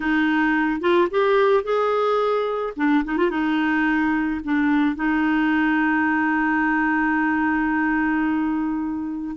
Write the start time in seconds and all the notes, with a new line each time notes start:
0.00 D#4
0.80 F4
1.11 G4
1.63 G#4
2.76 D4
3.04 D#4
3.17 F4
3.30 D#4
4.43 D4
4.95 D#4